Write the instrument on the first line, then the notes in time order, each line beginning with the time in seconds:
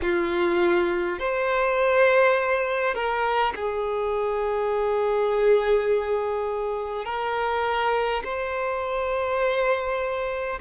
violin
0.01 F4
1.19 C5
2.94 A#4
3.55 G#4
7.05 A#4
8.24 C5